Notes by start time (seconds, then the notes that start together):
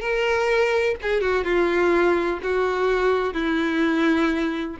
0.00 A#4
1.02 G#4
1.21 F#4
1.44 F4
2.42 F#4
3.34 E4